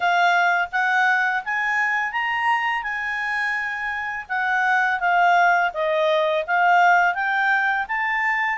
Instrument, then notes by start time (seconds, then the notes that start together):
clarinet
0.00 F5
0.71 F#5
1.44 G#5
2.12 A#5
2.82 G#5
4.29 F#5
5.00 F5
5.73 D#5
6.46 F5
7.14 G5
7.88 A5